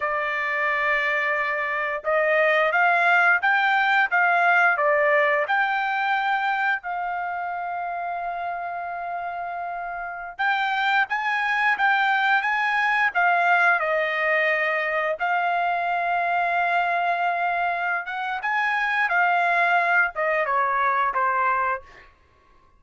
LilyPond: \new Staff \with { instrumentName = "trumpet" } { \time 4/4 \tempo 4 = 88 d''2. dis''4 | f''4 g''4 f''4 d''4 | g''2 f''2~ | f''2.~ f''16 g''8.~ |
g''16 gis''4 g''4 gis''4 f''8.~ | f''16 dis''2 f''4.~ f''16~ | f''2~ f''8 fis''8 gis''4 | f''4. dis''8 cis''4 c''4 | }